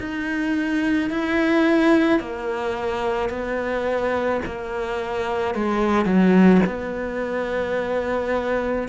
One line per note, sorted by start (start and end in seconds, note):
0.00 1.11 D#4
1.11 2.20 E4
2.20 3.30 A#3
3.30 4.41 B3
4.46 5.55 A#3
5.55 6.06 G#3
6.06 6.62 F#3
6.67 8.89 B3